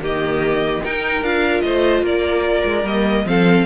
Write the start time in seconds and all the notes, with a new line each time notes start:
0.00 D#3 A#3 G4 D#5
0.83 D#4 A#4 G5
1.22 D4 F4 F5
1.61 A3 C5 D#5
2.02 A#3 A#4 D5
2.64 G#3
2.84 G3 A#3 D#5
3.25 F3 C4 A4 F5